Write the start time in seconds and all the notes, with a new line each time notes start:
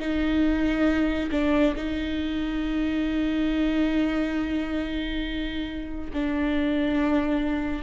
0.00 D#4
1.32 D4
1.76 D#4
6.13 D4